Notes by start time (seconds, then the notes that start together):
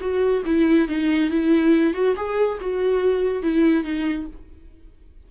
0.00 F#4
0.45 E4
0.88 D#4
1.30 E4
1.94 F#4
2.16 G#4
2.60 F#4
3.42 E4
3.83 D#4